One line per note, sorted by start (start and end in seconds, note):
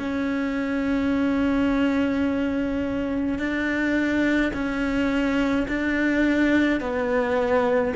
0.00 3.40 C#4
3.40 4.53 D4
4.54 5.67 C#4
5.69 6.81 D4
6.81 7.94 B3